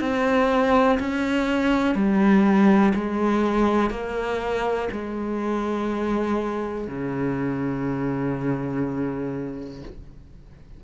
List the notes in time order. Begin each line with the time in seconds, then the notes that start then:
0.00 C4
0.99 C#4
1.94 G3
2.94 G#3
3.90 A#3
4.91 G#3
6.88 C#3